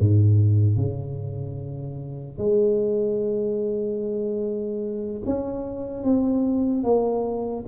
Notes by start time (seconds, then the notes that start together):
0.00 G#2
0.77 C#3
2.38 G#3
5.26 C#4
6.04 C4
6.84 A#3